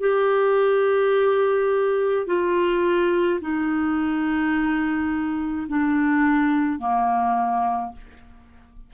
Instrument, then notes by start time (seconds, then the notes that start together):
clarinet
0.00 G4
2.26 F4
3.41 D#4
5.68 D4
6.79 A#3